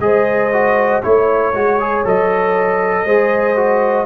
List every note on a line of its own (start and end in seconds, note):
0.00 1.02 G#3
0.00 0.51 G#4
0.00 1.06 C5
0.00 1.02 D#5
0.53 1.03 F#4
1.03 1.54 A3
1.03 1.54 E4
1.03 2.04 C#5
1.03 3.05 C#5
1.54 2.04 G#3
1.54 1.80 F#4
1.80 2.05 G#4
2.05 3.05 F#3
2.05 3.07 A4
2.05 4.06 D#5
3.05 4.06 G#3
3.05 3.56 G#4
3.05 4.06 C5
3.56 4.06 F#4